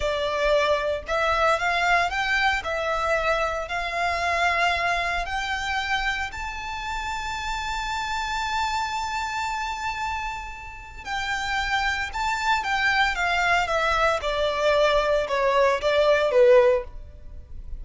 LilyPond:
\new Staff \with { instrumentName = "violin" } { \time 4/4 \tempo 4 = 114 d''2 e''4 f''4 | g''4 e''2 f''4~ | f''2 g''2 | a''1~ |
a''1~ | a''4 g''2 a''4 | g''4 f''4 e''4 d''4~ | d''4 cis''4 d''4 b'4 | }